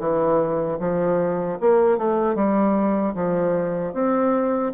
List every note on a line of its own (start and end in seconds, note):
0.00 0.79 E3
0.80 1.59 F3
1.61 1.98 A#3
1.98 2.36 A3
2.36 3.15 G3
3.15 3.94 F3
3.94 4.73 C4